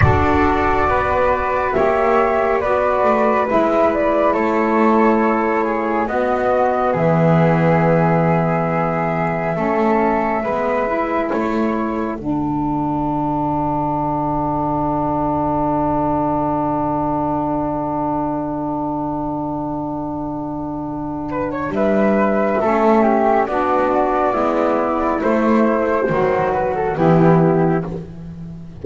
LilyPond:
<<
  \new Staff \with { instrumentName = "flute" } { \time 4/4 \tempo 4 = 69 d''2 e''4 d''4 | e''8 d''8 cis''2 dis''4 | e''1~ | e''4 cis''4 fis''2~ |
fis''1~ | fis''1~ | fis''4 e''2 d''4~ | d''4 c''4. b'16 a'16 g'4 | }
  \new Staff \with { instrumentName = "flute" } { \time 4/4 a'4 b'4 cis''4 b'4~ | b'4 a'4. gis'8 fis'4 | gis'2. a'4 | b'4 a'2.~ |
a'1~ | a'1~ | a'8 b'16 cis''16 b'4 a'8 g'8 fis'4 | e'2 fis'4 e'4 | }
  \new Staff \with { instrumentName = "saxophone" } { \time 4/4 fis'2 g'4 fis'4 | e'2. b4~ | b2. cis'4 | b8 e'4. d'2~ |
d'1~ | d'1~ | d'2 cis'4 d'4 | b4 a4 fis4 b4 | }
  \new Staff \with { instrumentName = "double bass" } { \time 4/4 d'4 b4 ais4 b8 a8 | gis4 a2 b4 | e2. a4 | gis4 a4 d2~ |
d1~ | d1~ | d4 g4 a4 b4 | gis4 a4 dis4 e4 | }
>>